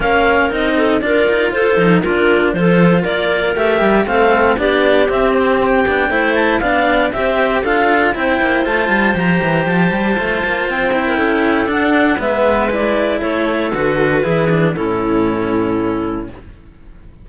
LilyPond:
<<
  \new Staff \with { instrumentName = "clarinet" } { \time 4/4 \tempo 4 = 118 f''4 dis''4 d''4 c''4 | ais'4 c''4 d''4 e''4 | f''4 d''4 e''8 c''8 g''4~ | g''8 a''8 f''4 e''4 f''4 |
g''4 a''4 ais''4 a''4~ | a''4 g''2 fis''4 | e''4 d''4 cis''4 b'4~ | b'4 a'2. | }
  \new Staff \with { instrumentName = "clarinet" } { \time 4/4 ais'4. a'8 ais'4 a'4 | f'4 a'4 ais'2 | a'4 g'2. | c''4 d''4 c''4 a'4 |
c''1~ | c''4.~ c''16 ais'16 a'2 | b'2 a'2 | gis'4 e'2. | }
  \new Staff \with { instrumentName = "cello" } { \time 4/4 cis'4 dis'4 f'4. dis'8 | d'4 f'2 g'4 | c'4 d'4 c'4. d'8 | e'4 d'4 g'4 f'4 |
e'4 f'4 g'2 | f'4. e'4. d'4 | b4 e'2 fis'4 | e'8 d'8 cis'2. | }
  \new Staff \with { instrumentName = "cello" } { \time 4/4 ais4 c'4 d'8 dis'8 f'8 f8 | ais4 f4 ais4 a8 g8 | a4 b4 c'4. b8 | a4 b4 c'4 d'4 |
c'8 ais8 a8 g8 f8 e8 f8 g8 | a8 ais8 c'4 cis'4 d'4 | gis2 a4 d4 | e4 a,2. | }
>>